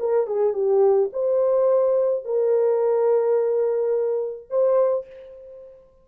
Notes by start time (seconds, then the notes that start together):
0.00 A#4
0.27 G#4
0.54 G4
1.13 C5
2.25 A#4
4.50 C5